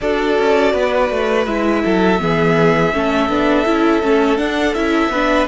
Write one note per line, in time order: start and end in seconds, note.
0.00 0.38 D4
0.00 1.47 F#4
0.00 0.73 A4
0.00 1.45 D5
0.38 0.73 C#4
0.73 1.10 B3
0.73 1.82 B4
1.10 1.46 A3
1.45 1.83 G#3
1.45 2.18 E4
1.45 4.37 E5
1.84 2.20 F#3
1.84 2.20 A4
2.18 2.93 E3
2.18 2.92 B3
2.18 2.94 G#4
2.93 3.29 A3
2.93 3.29 C#4
2.93 5.11 A4
3.29 3.65 B3
3.29 3.65 D4
3.65 4.02 C#4
3.65 4.02 E4
4.02 4.38 A3
4.02 4.37 C#4
4.37 4.73 D4
4.37 4.75 D4
4.37 4.74 F#5
4.74 5.09 C#4
4.74 5.12 E4
4.74 5.47 E5
5.09 5.45 B3
5.09 5.47 D4
5.09 5.47 B4